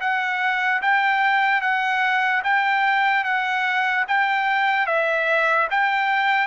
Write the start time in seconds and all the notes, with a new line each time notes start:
0.00 F#5
0.82 G5
1.61 F#5
2.44 G5
3.24 F#5
4.08 G5
4.86 E5
5.71 G5